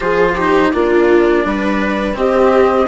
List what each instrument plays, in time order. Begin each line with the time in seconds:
0.00 bassoon F3, cello F4, viola G#4, flute C5
0.34 cello D#4, viola G4
0.70 bassoon A#3, cello D4, viola F4, flute D5
1.44 bassoon G3, viola B4
2.13 cello C4, bassoon C4, viola G4, flute D#5